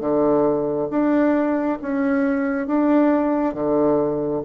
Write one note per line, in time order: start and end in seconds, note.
0.00 0.88 D3
0.90 1.78 D4
1.82 2.67 C#4
2.67 3.54 D4
3.54 4.42 D3